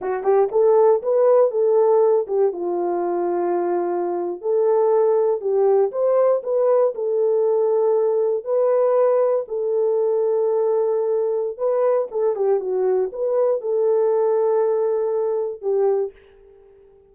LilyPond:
\new Staff \with { instrumentName = "horn" } { \time 4/4 \tempo 4 = 119 fis'8 g'8 a'4 b'4 a'4~ | a'8 g'8 f'2.~ | f'8. a'2 g'4 c''16~ | c''8. b'4 a'2~ a'16~ |
a'8. b'2 a'4~ a'16~ | a'2. b'4 | a'8 g'8 fis'4 b'4 a'4~ | a'2. g'4 | }